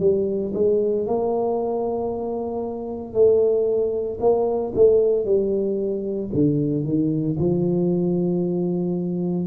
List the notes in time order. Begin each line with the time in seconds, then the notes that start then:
0.00 G3
0.54 G#3
1.07 A#3
3.14 A3
4.21 A#3
4.75 A3
5.25 G3
6.34 D3
6.84 D#3
7.39 F3